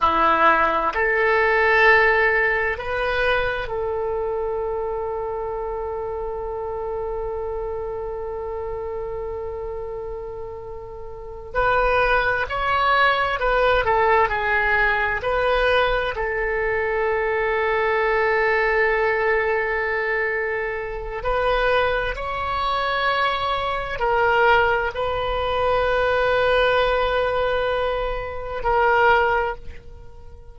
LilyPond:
\new Staff \with { instrumentName = "oboe" } { \time 4/4 \tempo 4 = 65 e'4 a'2 b'4 | a'1~ | a'1~ | a'8 b'4 cis''4 b'8 a'8 gis'8~ |
gis'8 b'4 a'2~ a'8~ | a'2. b'4 | cis''2 ais'4 b'4~ | b'2. ais'4 | }